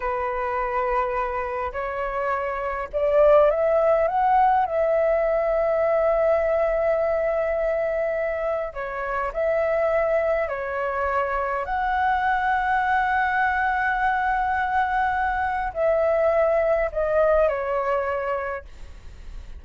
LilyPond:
\new Staff \with { instrumentName = "flute" } { \time 4/4 \tempo 4 = 103 b'2. cis''4~ | cis''4 d''4 e''4 fis''4 | e''1~ | e''2. cis''4 |
e''2 cis''2 | fis''1~ | fis''2. e''4~ | e''4 dis''4 cis''2 | }